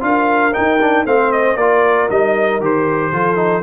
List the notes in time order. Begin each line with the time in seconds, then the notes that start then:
0.00 D4 F4 A#4 F5
0.53 D#4 G5
0.81 D4
1.05 A3 C4 C5 F5
1.32 D#5
1.56 A#3 F4 A#4 D5
2.09 G3 D#4 D#5
2.60 D#3 G4 C5
3.12 F3 F4 A4
3.36 D#4